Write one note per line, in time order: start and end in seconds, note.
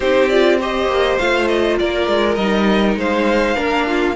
0.00 0.87 C4
0.00 0.31 D#4
0.00 0.58 G4
0.00 0.28 C5
0.28 0.60 F4
0.28 0.58 D5
0.60 1.19 G4
0.60 1.79 C5
0.60 1.18 D#5
0.87 1.16 A#3
1.18 1.80 A3
1.18 2.38 F4
1.18 1.47 F5
1.47 1.77 D#5
1.78 2.07 A#3
1.78 2.98 A#4
1.78 2.34 D5
2.07 2.36 G#3
2.34 2.96 G3
2.34 3.55 D#4
2.34 2.94 D#5
2.96 3.55 G#3
2.96 3.56 C5
2.96 4.16 F5
3.55 4.16 A#3
3.55 4.14 D4
3.55 3.86 A#4
3.86 4.16 F4